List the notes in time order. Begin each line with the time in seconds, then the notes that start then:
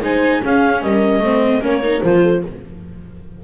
0.00 G#3 D#4 C5 G#5
0.41 C#4 G#4 F5
0.82 G3 A#4 D#5
1.19 A3 C4 C5
1.61 A#3 C#4 A#4 C#5
1.83 D#4
2.02 F3 F4 C5
2.22 A4